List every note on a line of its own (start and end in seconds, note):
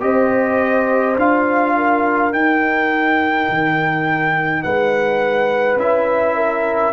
0.00 1.16 C4
0.00 1.15 G4
0.00 1.76 C5
0.00 1.16 D#5
1.16 2.31 D4
1.16 2.32 F4
1.16 2.32 F5
1.76 4.63 A#4
2.32 3.47 D#4
2.32 5.78 D#4
2.32 4.62 G5
3.48 4.64 D#3
4.62 5.75 G#3
4.62 6.36 B4
4.62 5.78 F#5
5.75 6.91 C#4
5.75 6.93 E4
5.75 6.93 E5
6.36 6.93 A#4